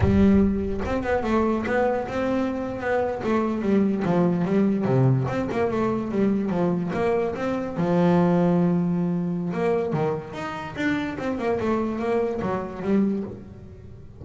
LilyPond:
\new Staff \with { instrumentName = "double bass" } { \time 4/4 \tempo 4 = 145 g2 c'8 b8 a4 | b4 c'4.~ c'16 b4 a16~ | a8. g4 f4 g4 c16~ | c8. c'8 ais8 a4 g4 f16~ |
f8. ais4 c'4 f4~ f16~ | f2. ais4 | dis4 dis'4 d'4 c'8 ais8 | a4 ais4 fis4 g4 | }